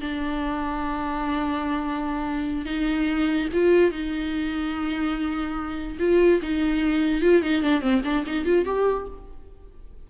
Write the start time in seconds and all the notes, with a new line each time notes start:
0.00 D4
2.65 D#4
3.53 F4
3.91 D#4
5.99 F4
6.42 D#4
7.22 F4
7.42 D#4
7.62 D4
7.81 C4
8.04 D4
8.26 D#4
8.45 F4
8.65 G4